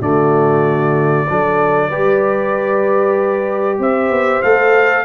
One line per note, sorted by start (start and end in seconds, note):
0.00 1.27 D3
0.00 1.26 A3
0.00 1.27 F#4
0.00 3.80 D5
1.29 1.91 F#3
1.29 1.91 D4
1.29 1.89 A4
1.89 3.79 G3
1.89 4.43 G4
1.89 3.79 B4
3.79 4.09 C4
3.79 5.05 C5
3.79 4.42 E5
4.09 4.41 B3
4.42 5.05 A3
4.42 5.05 A4
4.42 5.05 F5